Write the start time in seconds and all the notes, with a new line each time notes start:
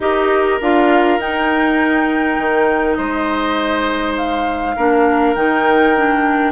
0.00 D#4 G4 A#4 D#5
0.61 D4 F4 F5
1.18 D#4 G5
2.38 D#3
2.94 G#3 C5 D#5
4.16 F5
4.75 A#3 D4 A#4
5.35 D#3 D#4 G5
5.96 D4